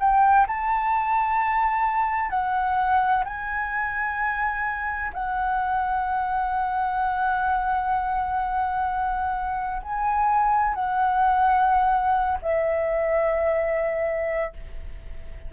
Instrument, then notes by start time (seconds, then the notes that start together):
flute
0.00 G5
0.47 A5
2.30 F#5
3.25 G#5
5.13 F#5
9.82 G#5
10.74 F#5
12.42 E5